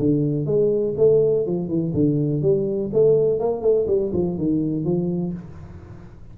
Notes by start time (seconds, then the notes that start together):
0.00 D3
0.46 G#3
0.98 A3
1.47 F3
1.69 E3
1.94 D3
2.42 G3
2.93 A3
3.40 A#3
3.62 A3
3.88 G3
4.14 F3
4.38 D#3
4.85 F3